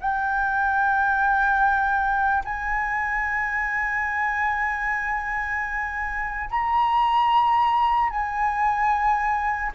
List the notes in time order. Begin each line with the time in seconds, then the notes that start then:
0.00 G5
2.44 G#5
6.50 A#5
8.10 G#5